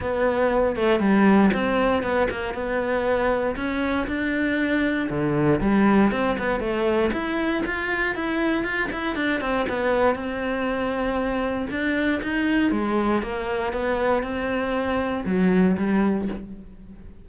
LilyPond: \new Staff \with { instrumentName = "cello" } { \time 4/4 \tempo 4 = 118 b4. a8 g4 c'4 | b8 ais8 b2 cis'4 | d'2 d4 g4 | c'8 b8 a4 e'4 f'4 |
e'4 f'8 e'8 d'8 c'8 b4 | c'2. d'4 | dis'4 gis4 ais4 b4 | c'2 fis4 g4 | }